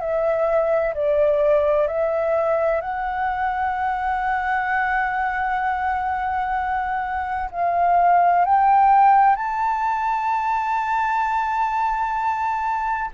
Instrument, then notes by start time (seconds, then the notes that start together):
flute
0.00 E5
0.94 D5
1.87 E5
2.81 F#5
7.51 F5
8.45 G5
9.36 A5